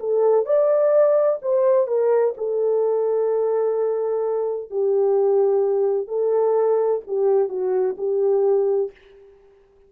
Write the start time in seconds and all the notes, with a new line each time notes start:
0.00 A4
0.46 D5
1.42 C5
1.87 A#4
2.37 A4
4.70 G4
6.08 A4
7.07 G4
7.49 F#4
7.98 G4